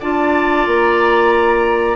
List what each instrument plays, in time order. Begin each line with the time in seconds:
0.00 bassoon D4, clarinet F4, oboe D5, flute A5
0.67 bassoon A#3, flute A#5